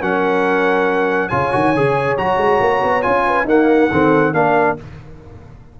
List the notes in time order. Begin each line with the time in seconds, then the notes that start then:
0.00 F#3 C#4 A#4 F#5
1.29 C#3 F4 C#5 G#5
1.51 D#3 F#4
1.75 C#3 G#4
2.17 F#3 F#4 A#5
2.37 G#3
2.60 A#3
2.83 B3
3.02 C#4 F4 G#5
3.26 B4
3.44 A#3 D#4 A#4 F#5
3.91 D#3 C4 A4
4.33 A#3 D4 A#4 F5